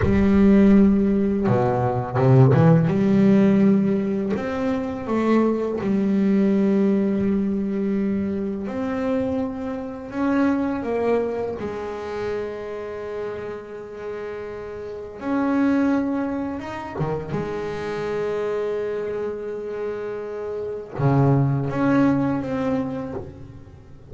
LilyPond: \new Staff \with { instrumentName = "double bass" } { \time 4/4 \tempo 4 = 83 g2 b,4 c8 e8 | g2 c'4 a4 | g1 | c'2 cis'4 ais4 |
gis1~ | gis4 cis'2 dis'8 dis8 | gis1~ | gis4 cis4 cis'4 c'4 | }